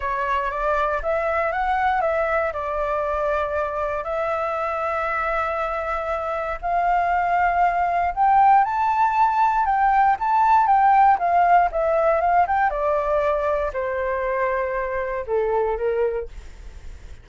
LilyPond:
\new Staff \with { instrumentName = "flute" } { \time 4/4 \tempo 4 = 118 cis''4 d''4 e''4 fis''4 | e''4 d''2. | e''1~ | e''4 f''2. |
g''4 a''2 g''4 | a''4 g''4 f''4 e''4 | f''8 g''8 d''2 c''4~ | c''2 a'4 ais'4 | }